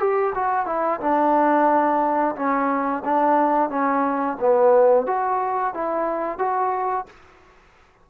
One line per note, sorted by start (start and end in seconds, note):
0.00 0.34 G4
0.35 0.66 F#4
0.66 1.00 E4
1.01 2.36 D4
2.36 3.03 C#4
3.05 3.70 D4
3.70 4.38 C#4
4.40 5.07 B3
5.07 5.74 F#4
5.75 6.39 E4
6.39 7.06 F#4